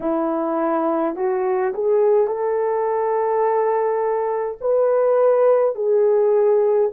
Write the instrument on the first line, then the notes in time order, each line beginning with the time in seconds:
horn
0.00 E4
1.15 F#4
1.74 G#4
2.27 A4
4.60 B4
5.75 G#4